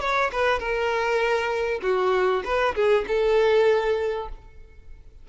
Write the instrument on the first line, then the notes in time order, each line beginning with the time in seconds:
violin
0.00 C#5
0.31 B4
0.59 A#4
1.82 F#4
2.44 B4
2.75 G#4
3.07 A4